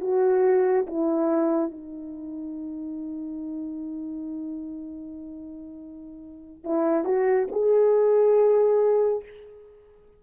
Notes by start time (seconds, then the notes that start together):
0.00 F#4
0.86 E4
1.71 D#4
6.64 E4
7.04 F#4
7.52 G#4